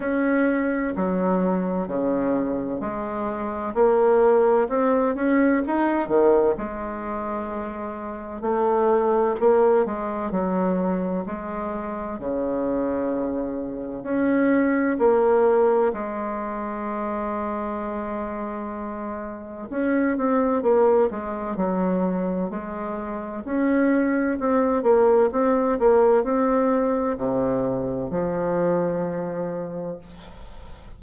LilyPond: \new Staff \with { instrumentName = "bassoon" } { \time 4/4 \tempo 4 = 64 cis'4 fis4 cis4 gis4 | ais4 c'8 cis'8 dis'8 dis8 gis4~ | gis4 a4 ais8 gis8 fis4 | gis4 cis2 cis'4 |
ais4 gis2.~ | gis4 cis'8 c'8 ais8 gis8 fis4 | gis4 cis'4 c'8 ais8 c'8 ais8 | c'4 c4 f2 | }